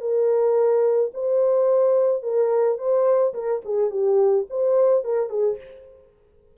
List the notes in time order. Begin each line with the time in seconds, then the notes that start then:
0.00 A#4
1.13 C5
2.22 A#4
2.78 C5
3.33 A#4
3.65 G#4
3.90 G4
4.49 C5
5.04 A#4
5.29 G#4